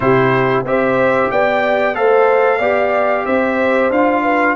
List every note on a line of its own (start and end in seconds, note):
0.00 0.63 C3
0.00 0.65 E4
0.00 0.66 G4
0.00 0.63 C5
0.63 1.28 C4
0.63 1.95 G4
0.63 1.30 C5
0.63 1.31 E5
1.30 1.95 B3
1.30 1.96 D5
1.30 1.95 G5
1.95 2.59 A3
1.95 2.60 A4
1.95 2.58 C5
1.95 3.25 F5
2.58 3.25 B3
2.58 3.92 G4
2.58 3.23 D5
3.24 3.90 C4
3.24 4.22 C5
3.24 3.90 E5
3.90 4.55 D4
3.90 4.56 F4
3.90 4.56 F5
4.22 4.55 B4